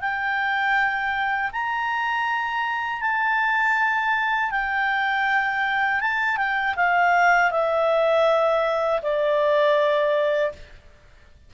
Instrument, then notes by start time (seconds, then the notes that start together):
clarinet
0.00 G5
1.52 A#5
3.01 A5
4.51 G5
6.00 A5
6.37 G5
6.76 F5
7.51 E5
9.02 D5